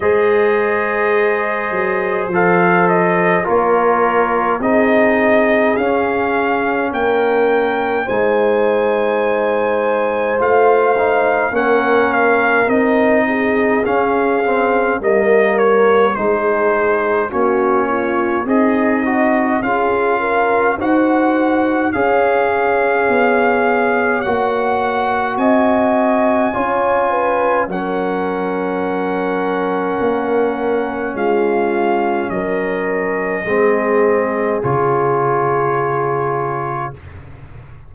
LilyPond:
<<
  \new Staff \with { instrumentName = "trumpet" } { \time 4/4 \tempo 4 = 52 dis''2 f''8 dis''8 cis''4 | dis''4 f''4 g''4 gis''4~ | gis''4 f''4 fis''8 f''8 dis''4 | f''4 dis''8 cis''8 c''4 cis''4 |
dis''4 f''4 fis''4 f''4~ | f''4 fis''4 gis''2 | fis''2. f''4 | dis''2 cis''2 | }
  \new Staff \with { instrumentName = "horn" } { \time 4/4 c''2. ais'4 | gis'2 ais'4 c''4~ | c''2 ais'4. gis'8~ | gis'4 ais'4 gis'4 fis'8 f'8 |
dis'4 gis'8 ais'8 c''4 cis''4~ | cis''2 dis''4 cis''8 b'8 | ais'2. f'4 | ais'4 gis'2. | }
  \new Staff \with { instrumentName = "trombone" } { \time 4/4 gis'2 a'4 f'4 | dis'4 cis'2 dis'4~ | dis'4 f'8 dis'8 cis'4 dis'4 | cis'8 c'8 ais4 dis'4 cis'4 |
gis'8 fis'8 f'4 fis'4 gis'4~ | gis'4 fis'2 f'4 | cis'1~ | cis'4 c'4 f'2 | }
  \new Staff \with { instrumentName = "tuba" } { \time 4/4 gis4. fis8 f4 ais4 | c'4 cis'4 ais4 gis4~ | gis4 a4 ais4 c'4 | cis'4 g4 gis4 ais4 |
c'4 cis'4 dis'4 cis'4 | b4 ais4 c'4 cis'4 | fis2 ais4 gis4 | fis4 gis4 cis2 | }
>>